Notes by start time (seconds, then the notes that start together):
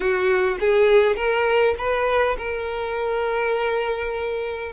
0.00 F#4
0.60 G#4
1.16 A#4
1.78 B4
2.37 A#4